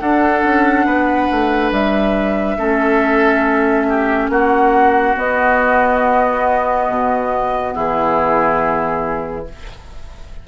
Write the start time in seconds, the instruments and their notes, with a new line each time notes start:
0.00 bassoon D4, clarinet D4, oboe A4, flute F#5
0.44 bassoon C#4
0.85 bassoon B3, oboe B4
1.31 bassoon A3
1.72 bassoon G3, flute E5
2.58 bassoon A3, clarinet C#4, oboe A4
3.89 oboe G4
4.29 bassoon A#3, oboe F#4, flute F#5
5.15 clarinet B3, bassoon B3, flute D#5
6.89 bassoon B2
7.74 bassoon E3, oboe E4, flute G#4